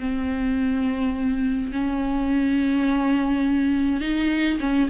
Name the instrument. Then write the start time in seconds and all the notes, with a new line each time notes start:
viola
0.00 C4
1.73 C#4
4.01 D#4
4.60 C#4